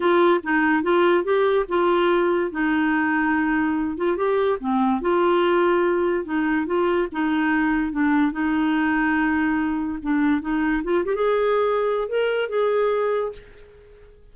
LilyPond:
\new Staff \with { instrumentName = "clarinet" } { \time 4/4 \tempo 4 = 144 f'4 dis'4 f'4 g'4 | f'2 dis'2~ | dis'4. f'8 g'4 c'4 | f'2. dis'4 |
f'4 dis'2 d'4 | dis'1 | d'4 dis'4 f'8 g'16 gis'4~ gis'16~ | gis'4 ais'4 gis'2 | }